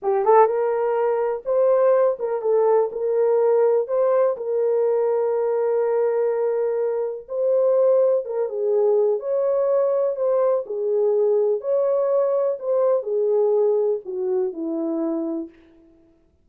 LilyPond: \new Staff \with { instrumentName = "horn" } { \time 4/4 \tempo 4 = 124 g'8 a'8 ais'2 c''4~ | c''8 ais'8 a'4 ais'2 | c''4 ais'2.~ | ais'2. c''4~ |
c''4 ais'8 gis'4. cis''4~ | cis''4 c''4 gis'2 | cis''2 c''4 gis'4~ | gis'4 fis'4 e'2 | }